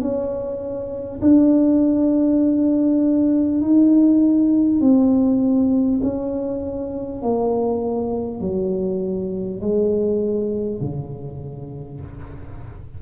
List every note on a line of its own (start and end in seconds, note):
0.00 1.20 C#4
1.21 3.61 D4
3.61 4.81 D#4
4.81 6.01 C4
6.02 7.22 C#4
7.22 8.40 A#3
8.40 9.60 F#3
9.60 10.80 G#3
10.81 12.01 C#3